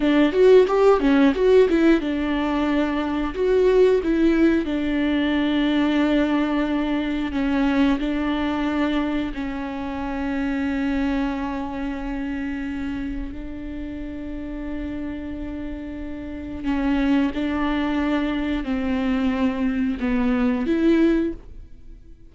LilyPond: \new Staff \with { instrumentName = "viola" } { \time 4/4 \tempo 4 = 90 d'8 fis'8 g'8 cis'8 fis'8 e'8 d'4~ | d'4 fis'4 e'4 d'4~ | d'2. cis'4 | d'2 cis'2~ |
cis'1 | d'1~ | d'4 cis'4 d'2 | c'2 b4 e'4 | }